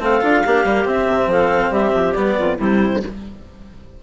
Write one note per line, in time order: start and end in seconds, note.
0.00 0.21 A3
0.00 0.22 C4
0.00 0.45 A4
0.00 0.89 F5
0.22 0.45 D4
0.22 0.43 F4
0.45 0.65 A#3
0.45 0.66 D4
0.45 1.30 G4
0.65 0.86 G3
0.65 0.85 A#3
0.85 2.14 C4
0.85 1.07 C4
0.85 1.32 E5
1.07 1.27 C3
1.27 1.69 F3
1.27 1.72 A4
1.27 1.74 F5
1.71 1.92 G3
1.71 2.36 G4
1.71 2.13 E5
1.94 2.16 F3
2.13 2.38 G3
2.13 2.59 B3
2.13 2.56 D5
2.38 2.59 F2
2.38 2.58 F4
2.58 3.02 C3
2.58 3.03 G3
2.58 3.00 E4
2.58 3.03 C5